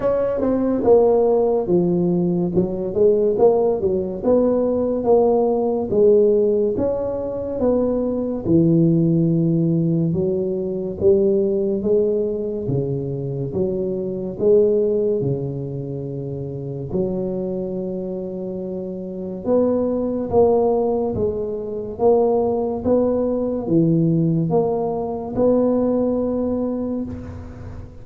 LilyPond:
\new Staff \with { instrumentName = "tuba" } { \time 4/4 \tempo 4 = 71 cis'8 c'8 ais4 f4 fis8 gis8 | ais8 fis8 b4 ais4 gis4 | cis'4 b4 e2 | fis4 g4 gis4 cis4 |
fis4 gis4 cis2 | fis2. b4 | ais4 gis4 ais4 b4 | e4 ais4 b2 | }